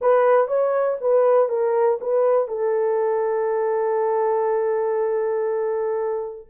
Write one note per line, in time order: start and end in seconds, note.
0.01 0.47 B4
0.47 0.97 C#5
1.00 1.49 B4
1.49 1.99 A#4
2.00 2.48 B4
2.48 6.47 A4